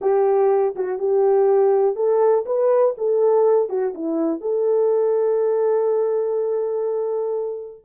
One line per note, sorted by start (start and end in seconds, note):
0.01 0.75 G4
0.75 0.98 F#4
0.98 1.95 G4
1.95 2.44 A4
2.45 2.95 B4
2.97 3.69 A4
3.69 3.93 F#4
3.94 4.41 E4
4.41 7.84 A4